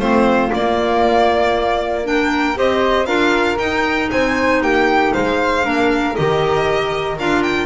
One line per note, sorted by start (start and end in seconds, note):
0.00 0.51 A3
0.00 0.50 C4
0.00 2.06 F4
0.00 0.51 C5
0.50 2.04 A#3
0.50 2.57 A#3
0.50 2.07 D5
2.04 2.56 D4
2.04 2.58 A#4
2.04 2.58 G5
2.56 3.07 C4
2.56 3.07 G4
2.56 3.07 C5
2.56 3.07 D#5
3.07 3.58 D4
3.07 3.58 F4
3.07 4.10 A#4
3.07 3.58 F5
3.59 4.11 D#4
3.59 5.63 D#4
3.59 4.10 G5
4.11 4.61 C4
4.11 4.63 C5
4.11 4.63 G#5
4.61 5.13 A#3
4.61 5.15 G4
4.61 5.14 G5
5.14 5.66 G#3
5.14 5.66 C5
5.14 6.16 F5
5.63 6.17 A#3
5.63 6.15 D4
5.63 7.67 A#4
6.16 7.19 D#3
6.16 7.18 G4
6.16 7.19 D#5
7.19 7.67 D4
7.19 7.67 F4
7.19 7.43 F5
7.43 7.67 G5